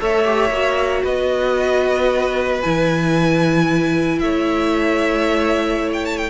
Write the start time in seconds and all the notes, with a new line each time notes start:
0.00 A3 A4 C#5 E5
0.24 G4
0.50 A#3 F#4
1.03 B3 B4 D#5
2.61 E3 E4 G#5
4.19 A3 C#5 E5
5.93 G5
6.05 A5
6.17 G5